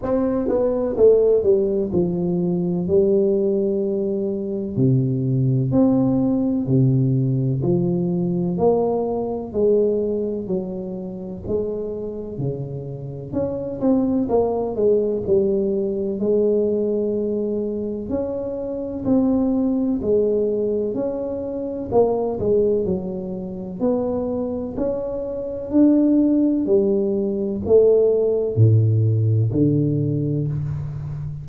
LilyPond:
\new Staff \with { instrumentName = "tuba" } { \time 4/4 \tempo 4 = 63 c'8 b8 a8 g8 f4 g4~ | g4 c4 c'4 c4 | f4 ais4 gis4 fis4 | gis4 cis4 cis'8 c'8 ais8 gis8 |
g4 gis2 cis'4 | c'4 gis4 cis'4 ais8 gis8 | fis4 b4 cis'4 d'4 | g4 a4 a,4 d4 | }